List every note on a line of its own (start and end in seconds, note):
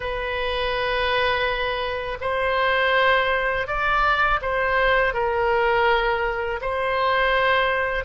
0.00 2.18 B4
2.21 3.67 C5
3.67 4.40 D5
4.41 5.13 C5
5.13 6.60 A#4
6.61 8.04 C5